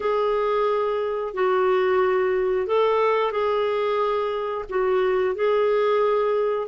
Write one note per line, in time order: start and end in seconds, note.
0.00 1.33 G#4
1.34 2.66 F#4
2.66 3.31 A4
3.31 4.65 G#4
4.69 5.35 F#4
5.35 6.68 G#4